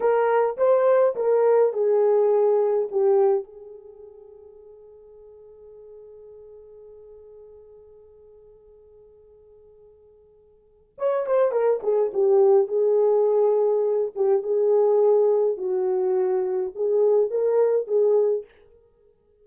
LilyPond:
\new Staff \with { instrumentName = "horn" } { \time 4/4 \tempo 4 = 104 ais'4 c''4 ais'4 gis'4~ | gis'4 g'4 gis'2~ | gis'1~ | gis'1~ |
gis'2. cis''8 c''8 | ais'8 gis'8 g'4 gis'2~ | gis'8 g'8 gis'2 fis'4~ | fis'4 gis'4 ais'4 gis'4 | }